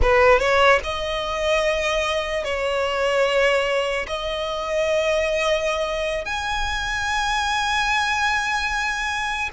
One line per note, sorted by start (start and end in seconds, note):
0.01 0.39 B4
0.39 0.79 C#5
0.83 2.44 D#5
2.44 4.06 C#5
4.07 6.25 D#5
6.25 9.49 G#5